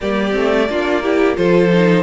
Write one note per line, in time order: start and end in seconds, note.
0.00 0.35 G3
0.00 0.31 A#3
0.00 0.69 G4
0.00 1.36 D5
0.31 0.69 A3
0.31 0.65 C4
0.69 1.37 A#3
0.69 1.03 D4
0.69 1.02 F4
1.02 1.35 E4
1.02 1.36 G4
1.35 2.03 F3
1.35 1.69 F4
1.35 2.03 A4
1.35 2.03 C5
1.73 2.03 D#4